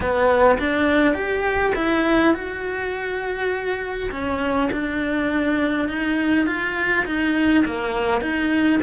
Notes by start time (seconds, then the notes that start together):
0.00 B3
0.59 D4
1.14 G4
1.75 E4
2.33 F#4
4.11 C#4
4.72 D4
5.88 D#4
6.46 F4
7.05 D#4
7.65 A#3
8.21 D#4